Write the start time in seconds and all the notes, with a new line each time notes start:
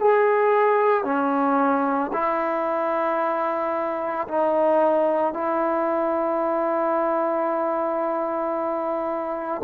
0.00 G#4
1.04 C#4
2.13 E4
4.28 D#4
5.34 E4